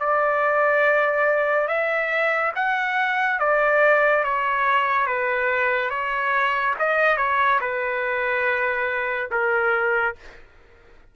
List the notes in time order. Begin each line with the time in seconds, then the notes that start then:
0.00 D5
1.68 E5
2.56 F#5
3.40 D5
4.24 C#5
5.07 B4
5.90 C#5
6.80 D#5
7.18 C#5
7.61 B4
9.31 A#4